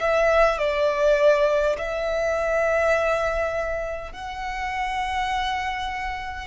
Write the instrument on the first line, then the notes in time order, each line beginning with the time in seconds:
violin
0.00 E5
0.58 D5
1.78 E5
4.12 F#5